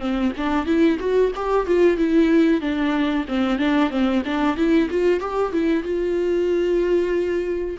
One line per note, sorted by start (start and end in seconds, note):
0.00 0.32 C4
0.37 0.66 D4
0.66 0.98 E4
1.00 1.32 F#4
1.36 1.67 G4
1.67 1.98 F4
1.98 2.61 E4
2.61 3.26 D4
3.29 3.59 C4
3.59 3.91 D4
3.91 4.23 C4
4.25 4.57 D4
4.57 4.89 E4
4.91 5.21 F4
5.21 5.53 G4
5.53 5.84 E4
5.84 7.77 F4